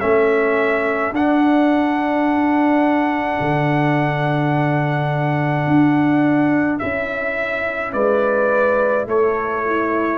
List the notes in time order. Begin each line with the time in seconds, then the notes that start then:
0.00 A3 C#4 A4 E5
1.12 D4 F#5
3.41 D3
5.67 D4
6.79 C#4 E4 E5
7.93 G#3 B4 D5
9.07 A3 A4 C#5
9.66 E4